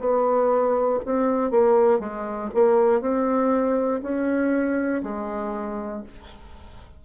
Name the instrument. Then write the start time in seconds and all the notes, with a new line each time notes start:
bassoon
0.00 B3
1.06 C4
1.51 A#3
2.00 G#3
2.55 A#3
3.02 C4
4.02 C#4
5.03 G#3